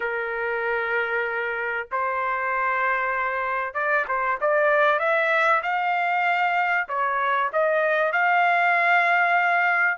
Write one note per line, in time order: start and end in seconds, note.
0.00 1.88 A#4
1.91 3.73 C5
3.73 4.05 D5
4.08 4.39 C5
4.40 4.99 D5
4.99 5.61 E5
5.62 6.88 F5
6.88 7.51 C#5
7.52 8.12 D#5
8.12 9.97 F5